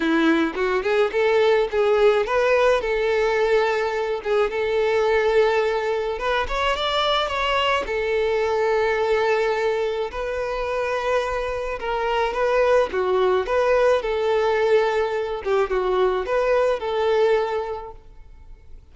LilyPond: \new Staff \with { instrumentName = "violin" } { \time 4/4 \tempo 4 = 107 e'4 fis'8 gis'8 a'4 gis'4 | b'4 a'2~ a'8 gis'8 | a'2. b'8 cis''8 | d''4 cis''4 a'2~ |
a'2 b'2~ | b'4 ais'4 b'4 fis'4 | b'4 a'2~ a'8 g'8 | fis'4 b'4 a'2 | }